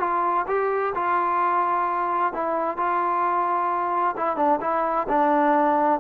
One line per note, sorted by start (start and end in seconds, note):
0.00 0.46 F4
0.48 0.94 G4
0.95 2.33 F4
2.33 2.77 E4
2.77 4.16 F4
4.17 4.37 E4
4.37 4.60 D4
4.61 5.07 E4
5.09 6.00 D4